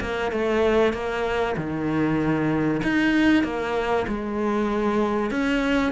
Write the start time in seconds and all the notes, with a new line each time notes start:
0.00 A#3
0.31 A3
0.93 A#3
1.56 D#3
2.83 D#4
3.43 A#3
4.07 G#3
5.30 C#4